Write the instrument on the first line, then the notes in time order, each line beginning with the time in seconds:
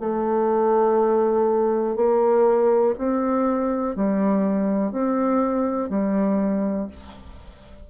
bassoon
0.00 A3
1.96 A#3
2.99 C4
3.96 G3
4.92 C4
5.90 G3